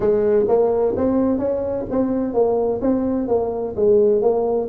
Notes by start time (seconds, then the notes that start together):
0.00 G#3
0.48 A#3
0.96 C4
1.38 C#4
1.90 C4
2.33 A#3
2.81 C4
3.28 A#3
3.75 G#3
4.21 A#3